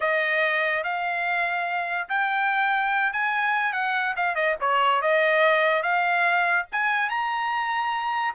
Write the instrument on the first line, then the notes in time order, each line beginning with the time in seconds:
trumpet
0.00 D#5
0.83 F5
2.09 G5
3.12 G#5
3.73 F#5
4.16 F5
4.35 D#5
4.60 C#5
5.01 D#5
5.82 F5
6.71 G#5
7.09 A#5